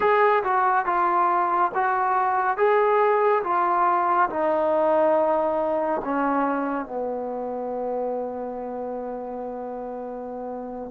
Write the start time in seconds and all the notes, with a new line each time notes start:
0.00 G#4
0.43 F#4
0.85 F4
1.74 F#4
2.57 G#4
3.43 F4
4.29 D#4
6.04 C#4
6.85 B3